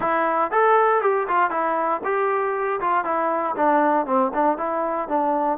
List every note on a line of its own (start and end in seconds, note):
0.00 0.51 E4
0.51 1.01 A4
1.01 1.27 G4
1.28 1.50 F4
1.50 2.01 E4
2.03 2.80 G4
2.80 3.04 F4
3.04 3.55 E4
3.56 4.06 D4
4.06 4.31 C4
4.34 4.57 D4
4.57 5.08 E4
5.08 5.58 D4